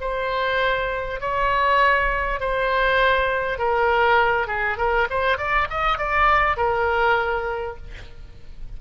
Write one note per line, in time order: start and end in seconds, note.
0.00 1.20 C5
1.20 2.40 C#5
2.40 3.58 C5
3.58 4.47 A#4
4.47 4.77 G#4
4.78 5.08 A#4
5.10 5.37 C5
5.37 5.67 D5
5.70 5.98 D#5
5.98 6.56 D5
6.56 7.76 A#4